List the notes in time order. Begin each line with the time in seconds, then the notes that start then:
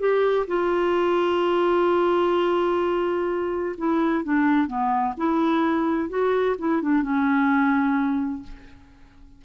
0.00 G4
0.48 F4
3.78 E4
4.25 D4
4.67 B3
5.18 E4
6.09 F#4
6.59 E4
6.82 D4
7.03 C#4